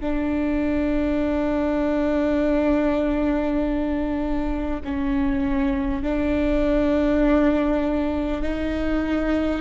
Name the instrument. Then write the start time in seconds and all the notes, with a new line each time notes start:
viola
0.00 D4
4.84 C#4
6.02 D4
8.42 D#4